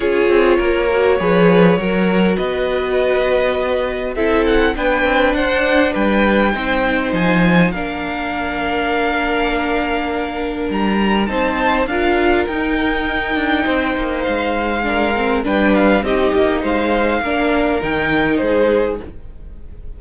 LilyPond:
<<
  \new Staff \with { instrumentName = "violin" } { \time 4/4 \tempo 4 = 101 cis''1 | dis''2. e''8 fis''8 | g''4 fis''4 g''2 | gis''4 f''2.~ |
f''2 ais''4 a''4 | f''4 g''2. | f''2 g''8 f''8 dis''4 | f''2 g''4 c''4 | }
  \new Staff \with { instrumentName = "violin" } { \time 4/4 gis'4 ais'4 b'4 ais'4 | b'2. a'4 | b'4 c''4 b'4 c''4~ | c''4 ais'2.~ |
ais'2. c''4 | ais'2. c''4~ | c''4 ais'4 b'4 g'4 | c''4 ais'2 gis'4 | }
  \new Staff \with { instrumentName = "viola" } { \time 4/4 f'4. fis'8 gis'4 fis'4~ | fis'2. e'4 | d'2. dis'4~ | dis'4 d'2.~ |
d'2. dis'4 | f'4 dis'2.~ | dis'4 d'8 c'8 d'4 dis'4~ | dis'4 d'4 dis'2 | }
  \new Staff \with { instrumentName = "cello" } { \time 4/4 cis'8 c'8 ais4 f4 fis4 | b2. c'4 | b8 c'8 d'4 g4 c'4 | f4 ais2.~ |
ais2 g4 c'4 | d'4 dis'4. d'8 c'8 ais8 | gis2 g4 c'8 ais8 | gis4 ais4 dis4 gis4 | }
>>